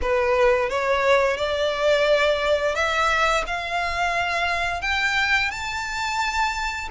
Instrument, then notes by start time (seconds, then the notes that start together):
violin
0.01 B4
0.69 C#5
1.37 D5
2.75 E5
3.46 F5
4.81 G5
5.50 A5